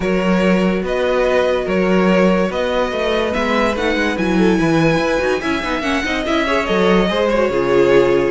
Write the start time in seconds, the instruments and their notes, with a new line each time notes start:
0.00 cello F#3, viola F#4, violin A#4 C#5
0.82 cello B3, violin B4 D#5
1.64 cello F#3, violin A#4 C#5
2.50 cello B3, violin B4 D#5
2.92 cello A3
3.31 cello G#3, viola B3, violin E5
3.76 cello A3, viola D#4, violin F#5
3.95 cello G#3
4.17 cello F#3, viola E4, violin G#5
4.37 violin A4
4.58 cello E3, violin B4
4.97 cello E4
5.19 cello D#4, viola F#4
5.40 cello C#4, viola E4, violin E5
5.62 cello B3, viola D#4
5.80 cello A#3, viola C#4, violin F#5
6.03 cello C4, viola D#4, violin D#5
6.26 cello C#4, viola E4, violin E5
6.46 viola G#4, violin C#5
6.65 cello F#3, viola A4, violin D#5
7.08 cello G#3, viola G#4, violin C5
7.29 viola F#4, violin C#5
7.49 cello C#3, viola F4, violin G#4